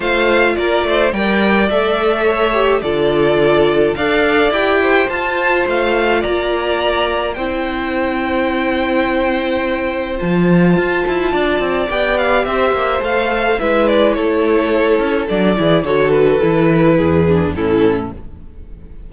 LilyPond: <<
  \new Staff \with { instrumentName = "violin" } { \time 4/4 \tempo 4 = 106 f''4 d''4 g''4 e''4~ | e''4 d''2 f''4 | g''4 a''4 f''4 ais''4~ | ais''4 g''2.~ |
g''2 a''2~ | a''4 g''8 f''8 e''4 f''4 | e''8 d''8 cis''2 d''4 | cis''8 b'2~ b'8 a'4 | }
  \new Staff \with { instrumentName = "violin" } { \time 4/4 c''4 ais'8 c''8 d''2 | cis''4 a'2 d''4~ | d''8 c''2~ c''8 d''4~ | d''4 c''2.~ |
c''1 | d''2 c''2 | b'4 a'2~ a'8 gis'8 | a'2 gis'4 e'4 | }
  \new Staff \with { instrumentName = "viola" } { \time 4/4 f'2 ais'4 a'4~ | a'8 g'8 f'2 a'4 | g'4 f'2.~ | f'4 e'2.~ |
e'2 f'2~ | f'4 g'2 a'4 | e'2. d'8 e'8 | fis'4 e'4. d'8 cis'4 | }
  \new Staff \with { instrumentName = "cello" } { \time 4/4 a4 ais8 a8 g4 a4~ | a4 d2 d'4 | e'4 f'4 a4 ais4~ | ais4 c'2.~ |
c'2 f4 f'8 e'8 | d'8 c'8 b4 c'8 ais8 a4 | gis4 a4. cis'8 fis8 e8 | d4 e4 e,4 a,4 | }
>>